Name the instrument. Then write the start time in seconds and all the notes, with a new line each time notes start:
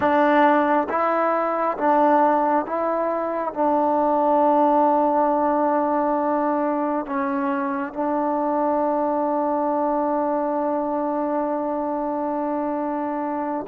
trombone
0.00 D4
0.89 E4
1.77 D4
2.65 E4
3.53 D4
7.06 C#4
7.93 D4